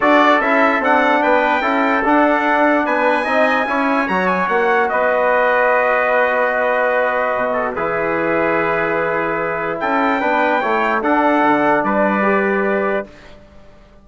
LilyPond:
<<
  \new Staff \with { instrumentName = "trumpet" } { \time 4/4 \tempo 4 = 147 d''4 e''4 fis''4 g''4~ | g''4 fis''2 gis''4~ | gis''2 ais''8 gis''8 fis''4 | dis''1~ |
dis''2. b'4~ | b'1 | g''2. fis''4~ | fis''4 d''2. | }
  \new Staff \with { instrumentName = "trumpet" } { \time 4/4 a'2. b'4 | a'2. b'4 | dis''4 cis''2. | b'1~ |
b'2~ b'8 a'8 gis'4~ | gis'1 | a'4 b'4 cis''4 a'4~ | a'4 b'2. | }
  \new Staff \with { instrumentName = "trombone" } { \time 4/4 fis'4 e'4 d'2 | e'4 d'2. | dis'4 e'4 fis'2~ | fis'1~ |
fis'2. e'4~ | e'1~ | e'4 d'4 e'4 d'4~ | d'2 g'2 | }
  \new Staff \with { instrumentName = "bassoon" } { \time 4/4 d'4 cis'4 c'4 b4 | cis'4 d'2 b4 | c'4 cis'4 fis4 ais4 | b1~ |
b2 b,4 e4~ | e1 | cis'4 b4 a4 d'4 | d4 g2. | }
>>